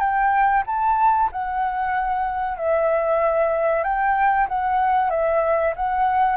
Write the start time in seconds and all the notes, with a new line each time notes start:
0.00 G5
0.67 A5
1.32 F#5
2.58 E5
3.84 G5
4.49 F#5
5.10 E5
5.76 F#5